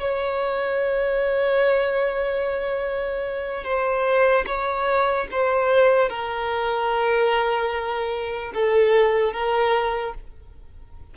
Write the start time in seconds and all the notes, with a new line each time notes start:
0.00 C#5
3.64 C5
4.47 C#5
5.31 C5
6.10 A#4
8.55 A4
9.33 A#4